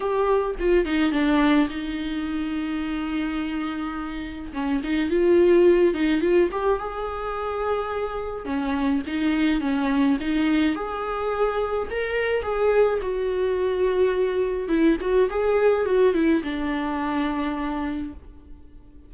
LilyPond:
\new Staff \with { instrumentName = "viola" } { \time 4/4 \tempo 4 = 106 g'4 f'8 dis'8 d'4 dis'4~ | dis'1 | cis'8 dis'8 f'4. dis'8 f'8 g'8 | gis'2. cis'4 |
dis'4 cis'4 dis'4 gis'4~ | gis'4 ais'4 gis'4 fis'4~ | fis'2 e'8 fis'8 gis'4 | fis'8 e'8 d'2. | }